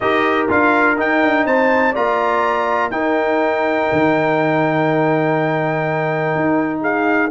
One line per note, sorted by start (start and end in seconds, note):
0.00 0.49 D#4
0.00 0.48 G4
0.00 1.46 A#4
0.00 0.47 D#5
0.48 0.98 D4
0.48 0.97 F4
0.48 0.99 F5
0.97 1.94 D#4
0.97 1.23 D#4
0.97 1.46 G5
1.23 1.45 D4
1.45 1.94 C4
1.45 1.92 C5
1.45 1.95 A5
1.92 2.91 A#3
1.92 2.91 F4
1.92 2.90 D5
1.92 2.90 A#5
2.90 3.88 D#4
2.90 7.30 D#4
2.90 6.81 A#4
2.90 6.81 G5
3.92 6.35 D#3
6.35 7.30 D#4
6.81 7.30 G#4
6.81 7.30 F5